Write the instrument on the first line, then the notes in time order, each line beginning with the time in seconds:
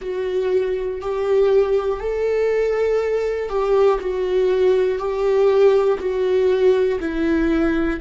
viola
0.00 F#4
1.00 G4
2.00 A4
3.49 G4
4.00 F#4
4.98 G4
5.99 F#4
7.00 E4